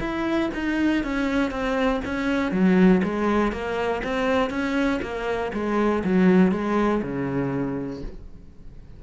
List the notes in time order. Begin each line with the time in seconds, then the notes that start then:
0.00 E4
0.54 D#4
1.04 C#4
1.51 C4
2.05 C#4
2.52 F#3
3.04 G#3
3.52 A#3
4.04 C4
4.50 C#4
5.02 A#3
5.53 G#3
6.04 F#3
6.52 G#3
7.02 C#3